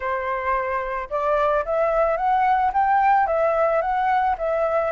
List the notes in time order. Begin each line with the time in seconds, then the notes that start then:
0.00 C5
1.10 D5
1.65 E5
2.17 F#5
2.73 G5
3.27 E5
3.81 F#5
4.38 E5